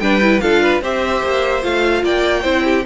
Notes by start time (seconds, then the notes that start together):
0.00 G3 D4 B4 G5
0.21 E4
0.40 D4 F4 A4 F5
0.62 B4
0.82 C4 G4 C5 E5
1.23 A#3
1.62 A3 F4 F5
2.04 A#3 D5 G5
2.43 C4 E4 C5
2.65 G4